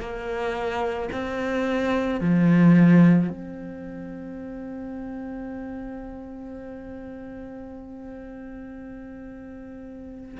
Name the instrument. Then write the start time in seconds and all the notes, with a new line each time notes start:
cello
0.00 A#3
1.12 C4
2.21 F3
3.29 C4